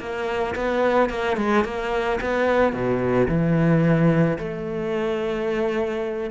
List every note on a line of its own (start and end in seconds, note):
0.00 0.55 A#3
0.56 1.10 B3
1.10 1.37 A#3
1.37 1.65 G#3
1.65 2.20 A#3
2.21 2.73 B3
2.73 3.28 B2
3.28 4.38 E3
4.39 6.31 A3